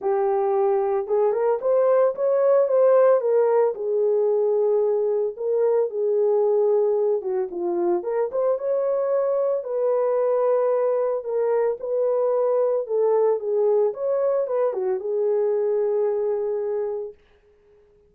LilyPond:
\new Staff \with { instrumentName = "horn" } { \time 4/4 \tempo 4 = 112 g'2 gis'8 ais'8 c''4 | cis''4 c''4 ais'4 gis'4~ | gis'2 ais'4 gis'4~ | gis'4. fis'8 f'4 ais'8 c''8 |
cis''2 b'2~ | b'4 ais'4 b'2 | a'4 gis'4 cis''4 b'8 fis'8 | gis'1 | }